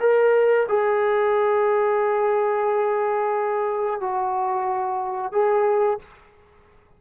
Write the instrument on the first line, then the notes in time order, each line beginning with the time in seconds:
trombone
0.00 A#4
0.68 G#4
4.00 F#4
5.32 G#4